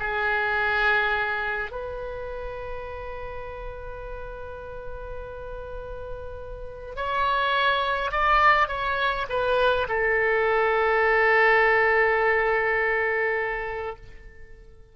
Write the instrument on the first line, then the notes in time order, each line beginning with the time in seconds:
oboe
0.00 G#4
1.72 B4
6.96 C#5
8.12 D5
8.68 C#5
9.29 B4
9.89 A4